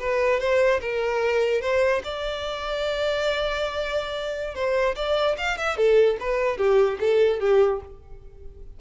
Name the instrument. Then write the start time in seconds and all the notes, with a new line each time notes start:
violin
0.00 B4
0.41 C5
0.82 A#4
1.62 C5
2.05 D5
4.55 C5
4.96 D5
5.38 F5
5.58 E5
5.77 A4
6.20 B4
6.58 G4
7.00 A4
7.41 G4